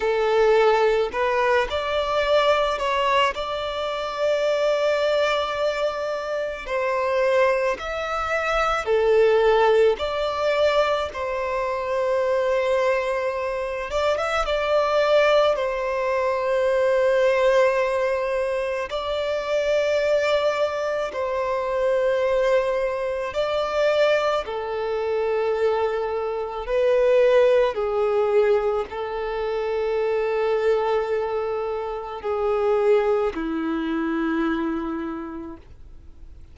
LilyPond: \new Staff \with { instrumentName = "violin" } { \time 4/4 \tempo 4 = 54 a'4 b'8 d''4 cis''8 d''4~ | d''2 c''4 e''4 | a'4 d''4 c''2~ | c''8 d''16 e''16 d''4 c''2~ |
c''4 d''2 c''4~ | c''4 d''4 a'2 | b'4 gis'4 a'2~ | a'4 gis'4 e'2 | }